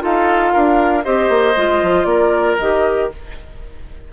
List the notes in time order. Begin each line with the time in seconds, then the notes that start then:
0.00 D#4 F4 A4 F5
0.54 D4 A#4
1.04 C4 G4 C5 D#5
1.30 A#3
1.57 G#3 F4
1.83 F3
2.05 A#3 A#4 D5
2.59 D#3 G4 D#5